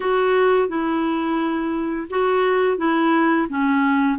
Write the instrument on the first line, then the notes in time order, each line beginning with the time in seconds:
clarinet
0.00 F#4
0.68 E4
2.10 F#4
2.77 E4
3.49 C#4